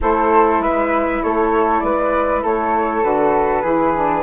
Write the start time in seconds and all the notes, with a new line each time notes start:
0.01 A3 E4 A4 C5
0.59 G#3 B4 E5
1.22 A3 A4 C#5
1.80 G#3 B4 D5
2.43 A3 A4 C#5
3.02 D3 F#4 B4
3.62 E3 E4 G#4
3.94 D4